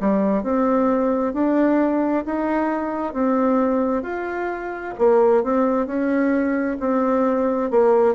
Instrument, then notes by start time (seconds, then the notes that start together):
bassoon
0.00 G3
0.43 C4
1.33 D4
2.25 D#4
3.13 C4
4.02 F4
4.98 A#3
5.43 C4
5.86 C#4
6.79 C4
7.70 A#3